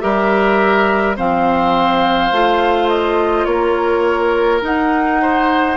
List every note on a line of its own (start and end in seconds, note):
0.00 1.18 G3
0.00 1.16 G4
0.00 1.16 A#4
0.00 1.15 E5
1.16 2.31 F3
1.16 2.32 C4
1.16 3.47 C5
1.16 2.89 F5
2.31 3.46 A3
2.31 4.61 F4
2.89 3.45 D#5
3.45 4.61 A#3
3.45 5.21 A#4
3.45 4.60 C#5
4.61 5.77 D#4
4.61 5.77 F#5
5.21 5.77 C5